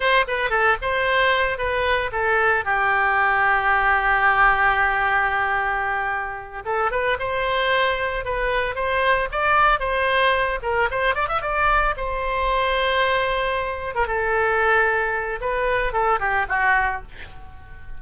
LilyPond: \new Staff \with { instrumentName = "oboe" } { \time 4/4 \tempo 4 = 113 c''8 b'8 a'8 c''4. b'4 | a'4 g'2.~ | g'1~ | g'8 a'8 b'8 c''2 b'8~ |
b'8 c''4 d''4 c''4. | ais'8 c''8 d''16 e''16 d''4 c''4.~ | c''2~ c''16 ais'16 a'4.~ | a'4 b'4 a'8 g'8 fis'4 | }